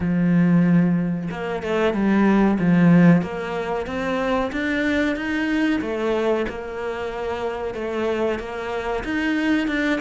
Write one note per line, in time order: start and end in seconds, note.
0.00 1.29 F3
1.30 1.62 A#3
1.62 1.93 A3
1.93 2.58 G3
2.59 3.21 F3
3.21 3.86 A#3
3.86 4.51 C4
4.52 5.16 D4
5.16 5.80 D#4
5.81 6.45 A3
6.48 7.74 A#3
7.74 8.39 A3
8.39 9.03 A#3
9.04 9.67 D#4
9.67 9.99 D4